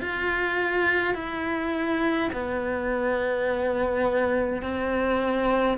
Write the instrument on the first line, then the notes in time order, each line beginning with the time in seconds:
cello
0.00 F4
1.14 E4
2.32 B3
4.62 C4